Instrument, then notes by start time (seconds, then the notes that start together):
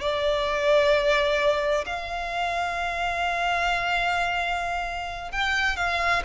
violin
0.00 D5
1.85 F5
5.32 G5
5.76 F5